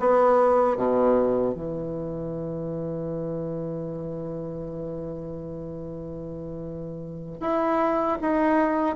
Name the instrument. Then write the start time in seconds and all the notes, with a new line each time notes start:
bassoon
0.00 B3
0.77 B2
1.55 E3
7.41 E4
8.22 D#4